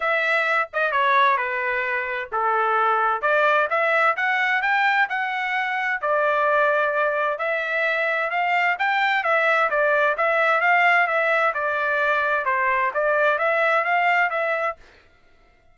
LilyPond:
\new Staff \with { instrumentName = "trumpet" } { \time 4/4 \tempo 4 = 130 e''4. dis''8 cis''4 b'4~ | b'4 a'2 d''4 | e''4 fis''4 g''4 fis''4~ | fis''4 d''2. |
e''2 f''4 g''4 | e''4 d''4 e''4 f''4 | e''4 d''2 c''4 | d''4 e''4 f''4 e''4 | }